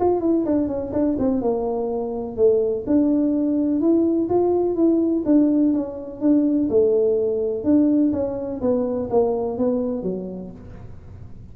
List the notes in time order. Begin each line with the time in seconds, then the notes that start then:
0.00 F4
0.21 E4
0.46 D4
0.68 C#4
0.93 D4
1.19 C4
1.42 A#3
2.37 A3
2.87 D4
3.81 E4
4.29 F4
4.76 E4
5.26 D4
5.73 C#4
6.21 D4
6.70 A3
7.64 D4
8.13 C#4
8.61 B3
9.11 A#3
9.58 B3
10.03 F#3